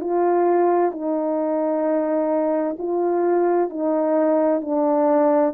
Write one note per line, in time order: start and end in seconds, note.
0.00 0.91 F4
0.91 2.76 D#4
2.78 3.69 F4
3.69 4.61 D#4
4.61 5.53 D4